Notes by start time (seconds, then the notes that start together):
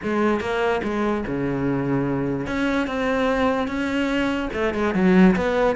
0.03 G#3
0.40 A#3
0.83 G#3
1.27 C#3
2.47 C#4
2.87 C4
3.67 C#4
4.53 A3
4.74 G#3
4.94 F#3
5.36 B3